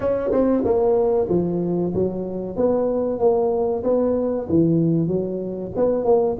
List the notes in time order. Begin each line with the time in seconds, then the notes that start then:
0.00 C#4
0.31 C4
0.64 A#3
1.29 F3
1.94 F#3
2.56 B3
3.19 A#3
3.83 B3
4.49 E3
5.07 F#3
5.76 B3
6.04 A#3